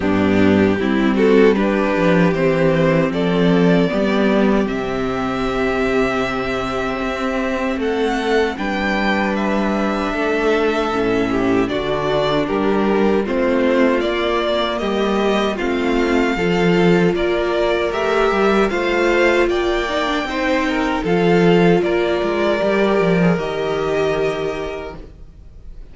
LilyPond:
<<
  \new Staff \with { instrumentName = "violin" } { \time 4/4 \tempo 4 = 77 g'4. a'8 b'4 c''4 | d''2 e''2~ | e''2 fis''4 g''4 | e''2. d''4 |
ais'4 c''4 d''4 dis''4 | f''2 d''4 e''4 | f''4 g''2 f''4 | d''2 dis''2 | }
  \new Staff \with { instrumentName = "violin" } { \time 4/4 d'4 e'8 fis'8 g'2 | a'4 g'2.~ | g'2 a'4 b'4~ | b'4 a'4. g'8 fis'4 |
g'4 f'2 g'4 | f'4 a'4 ais'2 | c''4 d''4 c''8 ais'8 a'4 | ais'1 | }
  \new Staff \with { instrumentName = "viola" } { \time 4/4 b4 c'4 d'4 c'4~ | c'4 b4 c'2~ | c'2. d'4~ | d'2 cis'4 d'4~ |
d'4 c'4 ais2 | c'4 f'2 g'4 | f'4. dis'16 d'16 dis'4 f'4~ | f'4 g'8. gis'16 g'2 | }
  \new Staff \with { instrumentName = "cello" } { \time 4/4 g,4 g4. f8 e4 | f4 g4 c2~ | c4 c'4 a4 g4~ | g4 a4 a,4 d4 |
g4 a4 ais4 g4 | a4 f4 ais4 a8 g8 | a4 ais4 c'4 f4 | ais8 gis8 g8 f8 dis2 | }
>>